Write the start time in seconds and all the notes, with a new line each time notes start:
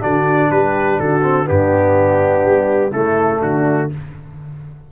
0.00 D3 D4 F#4 D5
0.51 G3 G4 B4
1.00 D3 F#4 A4
1.22 C4
1.46 G2 B3 D4 G4
2.45 G3
2.91 C#3 A3 E4 A4
3.41 D3 D4 F#4